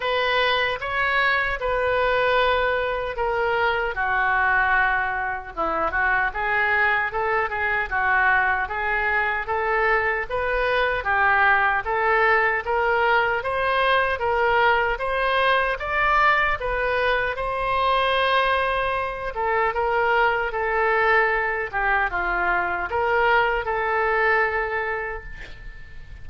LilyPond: \new Staff \with { instrumentName = "oboe" } { \time 4/4 \tempo 4 = 76 b'4 cis''4 b'2 | ais'4 fis'2 e'8 fis'8 | gis'4 a'8 gis'8 fis'4 gis'4 | a'4 b'4 g'4 a'4 |
ais'4 c''4 ais'4 c''4 | d''4 b'4 c''2~ | c''8 a'8 ais'4 a'4. g'8 | f'4 ais'4 a'2 | }